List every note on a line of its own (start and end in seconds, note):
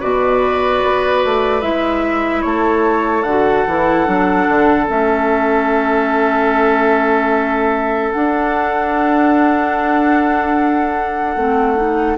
0.00 0.83 B2
0.00 1.62 F#4
0.00 2.43 B4
0.00 1.61 D5
0.84 1.25 B3
1.25 1.63 A3
1.61 2.44 G#3
1.61 3.24 E4
1.61 2.42 E5
2.42 3.24 A3
2.42 12.18 A4
2.42 3.23 C#5
3.23 3.65 D3
3.23 3.69 F#4
3.23 4.85 F#5
3.67 4.08 E3
3.67 4.07 E4
4.07 4.48 F#3
4.07 4.88 D4
4.49 4.90 D3
4.89 8.14 A3
4.89 8.13 C#4
4.89 8.12 E5
8.12 11.38 D4
8.12 11.36 D4
8.12 12.17 F#5
11.36 12.17 A3
11.36 11.77 C4
11.77 12.17 D#4